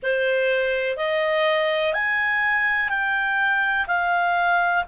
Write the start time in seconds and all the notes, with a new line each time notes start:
0.02 C5
0.97 D#5
1.93 G#5
2.89 G5
3.87 F5